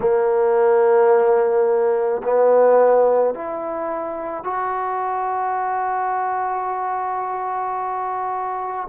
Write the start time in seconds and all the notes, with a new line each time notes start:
0.00 A#3
2.23 B3
3.34 E4
4.43 F#4